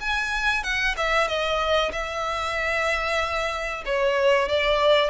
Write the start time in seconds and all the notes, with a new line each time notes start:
0.00 G#5
0.63 F#5
0.97 E5
1.27 D#5
1.92 E5
3.85 C#5
4.48 D5